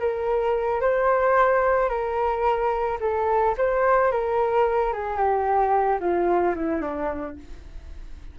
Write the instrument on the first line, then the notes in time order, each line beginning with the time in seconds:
flute
0.00 A#4
0.81 C5
1.89 A#4
3.01 A4
3.58 C5
4.12 A#4
4.93 G#4
5.17 G4
6.00 F4
6.56 E4
6.82 D4